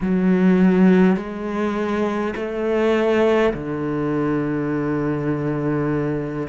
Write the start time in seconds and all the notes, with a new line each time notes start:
0.00 F#3
1.16 G#3
2.35 A3
3.53 D3